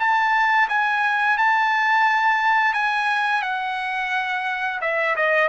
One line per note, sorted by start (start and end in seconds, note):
0.00 0.69 A5
0.69 1.38 G#5
1.38 2.74 A5
2.74 3.42 G#5
3.42 4.80 F#5
4.82 5.16 E5
5.16 5.49 D#5